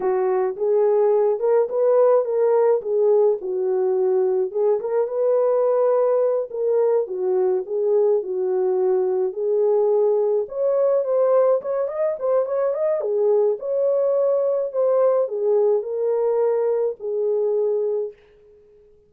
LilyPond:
\new Staff \with { instrumentName = "horn" } { \time 4/4 \tempo 4 = 106 fis'4 gis'4. ais'8 b'4 | ais'4 gis'4 fis'2 | gis'8 ais'8 b'2~ b'8 ais'8~ | ais'8 fis'4 gis'4 fis'4.~ |
fis'8 gis'2 cis''4 c''8~ | c''8 cis''8 dis''8 c''8 cis''8 dis''8 gis'4 | cis''2 c''4 gis'4 | ais'2 gis'2 | }